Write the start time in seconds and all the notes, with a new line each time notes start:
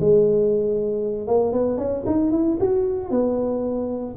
0.00 G#3
1.28 A#3
1.52 B3
1.78 C#4
2.06 D#4
2.32 E4
2.60 F#4
3.11 B3